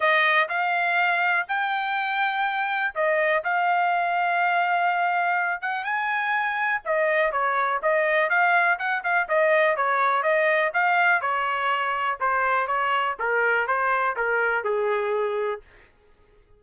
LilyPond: \new Staff \with { instrumentName = "trumpet" } { \time 4/4 \tempo 4 = 123 dis''4 f''2 g''4~ | g''2 dis''4 f''4~ | f''2.~ f''8 fis''8 | gis''2 dis''4 cis''4 |
dis''4 f''4 fis''8 f''8 dis''4 | cis''4 dis''4 f''4 cis''4~ | cis''4 c''4 cis''4 ais'4 | c''4 ais'4 gis'2 | }